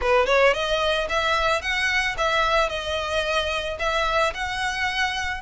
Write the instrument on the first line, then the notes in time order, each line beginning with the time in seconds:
violin
0.01 B4
0.26 C#5
0.53 D#5
1.09 E5
1.61 F#5
2.17 E5
2.69 D#5
3.79 E5
4.34 F#5